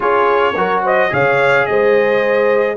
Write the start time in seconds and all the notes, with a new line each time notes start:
0.00 C#4 F4 G#4 C#5
0.55 F#3 F#4 A#4
0.83 C5 D#5
1.09 C#3 G#4 C#5 F5
1.66 G#3 C5 D#5